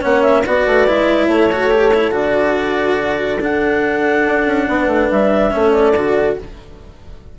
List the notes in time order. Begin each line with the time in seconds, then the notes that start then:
0.00 A#3 C#4 C#5 F#5
0.22 E5
0.46 B3 F#4 B4 D5
0.66 A3
0.87 G#3 E4
1.27 A3 A4 C#5
1.52 F#4
1.70 G4
1.94 E4
2.11 D3 F#4 D5
2.97 F#4
3.40 D4 A4 F#5
4.26 D4
4.46 C#4
4.68 B3 B4
4.87 A3
5.11 G3 E5
5.51 A3 C#4 A4
5.71 D5
5.94 D3 F#4